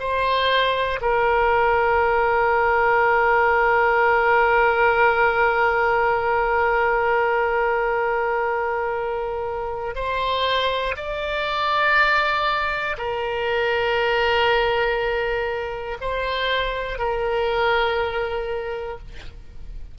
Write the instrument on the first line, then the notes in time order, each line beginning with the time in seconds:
oboe
0.00 C5
1.01 A#4
9.95 C5
10.97 D5
12.98 A#4
16.01 C5
16.99 A#4